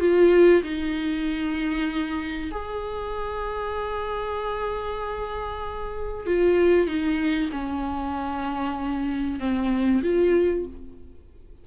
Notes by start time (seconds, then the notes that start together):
0.00 F4
0.63 D#4
2.51 G#4
6.27 F4
6.87 D#4
7.52 C#4
9.39 C4
10.03 F4